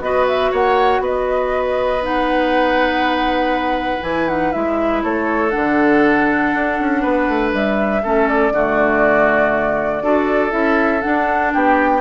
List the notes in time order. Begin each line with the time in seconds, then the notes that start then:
0.00 B3 F#4 B4 D#5
0.27 E5
0.51 A#3 C#5 F#5
0.99 B3 B4 D#5
2.02 D#4 F#5
4.02 E3 E4 G#5
4.28 D#4 F#5
4.52 G#3 E4 E5
5.03 A3 A4 C#5
5.50 D3 D4 F#5
6.54 D4
6.79 C#4
7.01 B3 B4
7.28 A3
7.53 G3 E5
8.02 A3 C#4 A4
8.28 D5
8.51 D3 A3 F#4
10.01 D4 F#4 A4
10.50 C#4 E4 E5
11.01 D4 F#5
11.53 B3 G4 G5